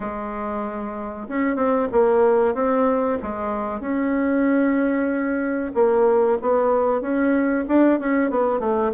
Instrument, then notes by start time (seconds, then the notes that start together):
bassoon
0.00 G#3
1.28 C#4
1.56 C4
1.91 A#3
2.54 C4
3.22 G#3
3.80 C#4
5.74 A#3
6.41 B3
7.01 C#4
7.68 D4
7.99 C#4
8.30 B3
8.59 A3